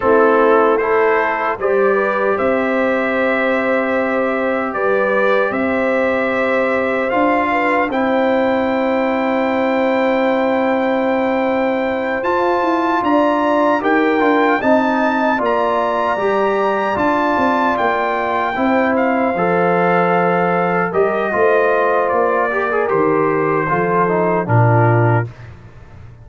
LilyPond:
<<
  \new Staff \with { instrumentName = "trumpet" } { \time 4/4 \tempo 4 = 76 a'4 c''4 d''4 e''4~ | e''2 d''4 e''4~ | e''4 f''4 g''2~ | g''2.~ g''8 a''8~ |
a''8 ais''4 g''4 a''4 ais''8~ | ais''4. a''4 g''4. | f''2~ f''8 dis''4. | d''4 c''2 ais'4 | }
  \new Staff \with { instrumentName = "horn" } { \time 4/4 e'4 a'4 c''8 b'8 c''4~ | c''2 b'4 c''4~ | c''4. b'8 c''2~ | c''1~ |
c''8 d''4 ais'4 dis''4 d''8~ | d''2.~ d''8 c''8~ | c''2~ c''8 ais'8 c''4~ | c''8 ais'4. a'4 f'4 | }
  \new Staff \with { instrumentName = "trombone" } { \time 4/4 c'4 e'4 g'2~ | g'1~ | g'4 f'4 e'2~ | e'2.~ e'8 f'8~ |
f'4. g'8 f'8 dis'4 f'8~ | f'8 g'4 f'2 e'8~ | e'8 a'2 g'8 f'4~ | f'8 g'16 gis'16 g'4 f'8 dis'8 d'4 | }
  \new Staff \with { instrumentName = "tuba" } { \time 4/4 a2 g4 c'4~ | c'2 g4 c'4~ | c'4 d'4 c'2~ | c'2.~ c'8 f'8 |
e'8 d'4 dis'8 d'8 c'4 ais8~ | ais8 g4 d'8 c'8 ais4 c'8~ | c'8 f2 g8 a4 | ais4 dis4 f4 ais,4 | }
>>